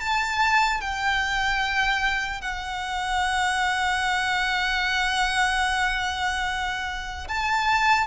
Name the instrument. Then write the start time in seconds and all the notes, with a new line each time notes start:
violin
0.00 A5
0.81 G5
2.41 F#5
7.28 A5